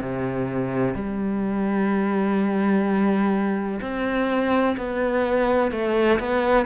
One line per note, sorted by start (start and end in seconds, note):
0.00 0.94 C3
0.94 3.80 G3
3.81 4.76 C4
4.77 5.71 B3
5.71 6.19 A3
6.19 6.66 B3